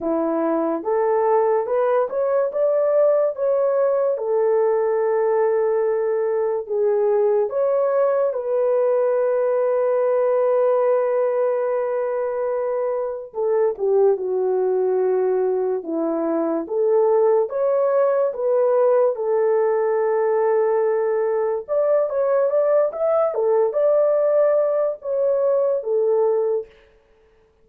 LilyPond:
\new Staff \with { instrumentName = "horn" } { \time 4/4 \tempo 4 = 72 e'4 a'4 b'8 cis''8 d''4 | cis''4 a'2. | gis'4 cis''4 b'2~ | b'1 |
a'8 g'8 fis'2 e'4 | a'4 cis''4 b'4 a'4~ | a'2 d''8 cis''8 d''8 e''8 | a'8 d''4. cis''4 a'4 | }